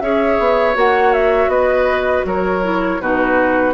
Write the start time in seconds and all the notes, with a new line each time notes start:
0.00 C#4 G#4 C#5 E5
0.38 B3
0.73 A#3 F#4 F#5
1.13 E5
1.47 B3 B4 D#5
2.24 F#3 A#4 C#5
2.62 E4
3.00 B2 D#4 F#4 B4